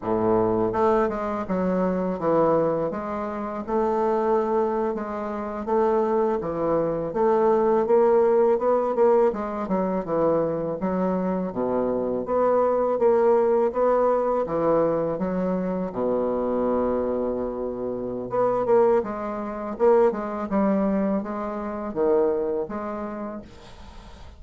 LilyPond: \new Staff \with { instrumentName = "bassoon" } { \time 4/4 \tempo 4 = 82 a,4 a8 gis8 fis4 e4 | gis4 a4.~ a16 gis4 a16~ | a8. e4 a4 ais4 b16~ | b16 ais8 gis8 fis8 e4 fis4 b,16~ |
b,8. b4 ais4 b4 e16~ | e8. fis4 b,2~ b,16~ | b,4 b8 ais8 gis4 ais8 gis8 | g4 gis4 dis4 gis4 | }